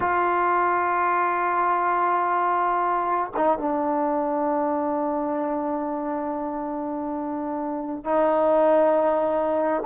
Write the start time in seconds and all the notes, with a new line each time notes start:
0.00 F4
3.36 D#4
3.58 D4
8.04 D#4